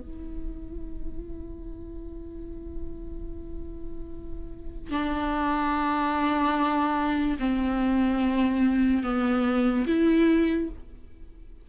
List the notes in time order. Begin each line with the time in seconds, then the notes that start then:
0.00 E4
4.91 D4
7.39 C4
9.03 B3
9.86 E4